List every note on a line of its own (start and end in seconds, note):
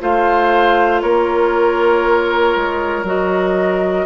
0.00 1.02 A3
0.00 3.05 F4
0.00 1.01 C5
0.00 1.01 F5
1.01 2.55 A#3
1.01 4.06 A#4
1.01 3.04 C#5
2.55 3.03 G#3
3.03 4.05 F#3
3.03 4.06 F#4
3.03 4.06 D#5